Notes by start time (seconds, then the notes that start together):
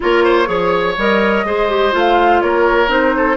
0.00 A#3 F4 A#4 C#5
0.23 C5
0.45 F3 G#4 C#5
0.97 G3 A#4 D#5
1.44 G#3 G#4 C5
1.69 G4
1.92 A3 F4
1.98 F5
2.41 A#3 A#4 C#5
2.87 C4 D#4 C5
3.16 A4